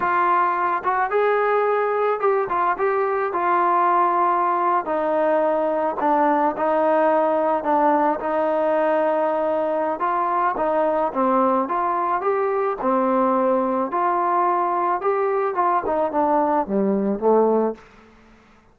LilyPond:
\new Staff \with { instrumentName = "trombone" } { \time 4/4 \tempo 4 = 108 f'4. fis'8 gis'2 | g'8 f'8 g'4 f'2~ | f'8. dis'2 d'4 dis'16~ | dis'4.~ dis'16 d'4 dis'4~ dis'16~ |
dis'2 f'4 dis'4 | c'4 f'4 g'4 c'4~ | c'4 f'2 g'4 | f'8 dis'8 d'4 g4 a4 | }